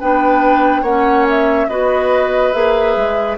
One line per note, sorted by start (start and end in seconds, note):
0.00 0.82 B3
0.00 0.86 D4
0.00 0.82 B4
0.00 0.84 G5
0.82 1.67 A#3
0.82 1.70 C#4
0.82 1.67 C#5
0.82 1.26 F#5
1.29 1.69 E5
1.69 2.53 B3
1.69 2.53 F#4
1.69 3.37 B4
1.69 2.53 D#5
2.53 2.96 A#3
2.53 3.37 G#4
2.53 3.37 E5
2.96 3.37 G#3